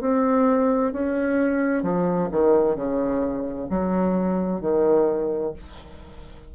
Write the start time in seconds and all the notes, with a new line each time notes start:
0.00 C4
0.92 C#4
1.82 F3
2.31 D#3
2.75 C#3
3.69 F#3
4.60 D#3